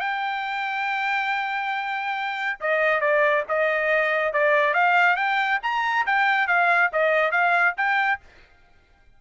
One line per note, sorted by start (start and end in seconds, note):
0.00 2.59 G5
2.60 3.01 D#5
3.01 3.44 D5
3.49 4.33 D#5
4.33 4.74 D5
4.74 5.16 F5
5.16 5.59 G5
5.63 6.06 A#5
6.06 6.47 G5
6.47 6.91 F5
6.93 7.31 D#5
7.31 7.75 F5
7.77 8.20 G5